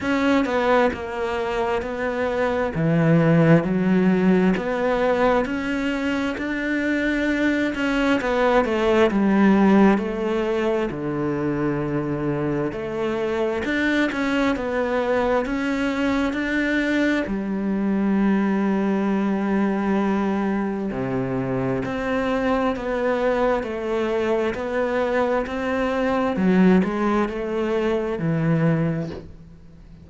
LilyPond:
\new Staff \with { instrumentName = "cello" } { \time 4/4 \tempo 4 = 66 cis'8 b8 ais4 b4 e4 | fis4 b4 cis'4 d'4~ | d'8 cis'8 b8 a8 g4 a4 | d2 a4 d'8 cis'8 |
b4 cis'4 d'4 g4~ | g2. c4 | c'4 b4 a4 b4 | c'4 fis8 gis8 a4 e4 | }